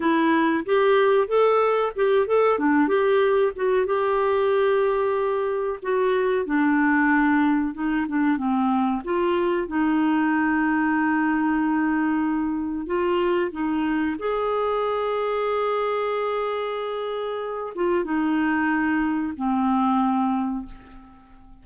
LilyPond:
\new Staff \with { instrumentName = "clarinet" } { \time 4/4 \tempo 4 = 93 e'4 g'4 a'4 g'8 a'8 | d'8 g'4 fis'8 g'2~ | g'4 fis'4 d'2 | dis'8 d'8 c'4 f'4 dis'4~ |
dis'1 | f'4 dis'4 gis'2~ | gis'2.~ gis'8 f'8 | dis'2 c'2 | }